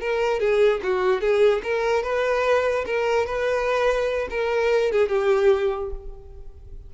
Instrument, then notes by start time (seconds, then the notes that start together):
violin
0.00 A#4
0.40 G#4
0.83 F#4
1.21 G#4
1.63 A#4
2.03 B4
2.86 A#4
3.26 B4
4.30 A#4
4.92 G#4
5.09 G4